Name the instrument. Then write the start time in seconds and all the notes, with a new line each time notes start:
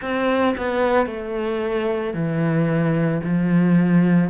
cello
0.01 C4
0.56 B3
1.06 A3
2.13 E3
3.23 F3